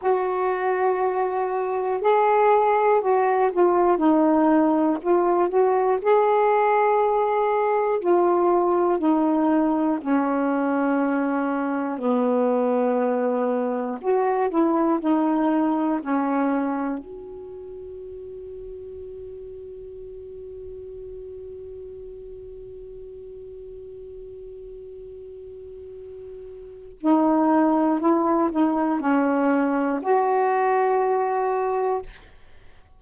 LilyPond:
\new Staff \with { instrumentName = "saxophone" } { \time 4/4 \tempo 4 = 60 fis'2 gis'4 fis'8 f'8 | dis'4 f'8 fis'8 gis'2 | f'4 dis'4 cis'2 | b2 fis'8 e'8 dis'4 |
cis'4 fis'2.~ | fis'1~ | fis'2. dis'4 | e'8 dis'8 cis'4 fis'2 | }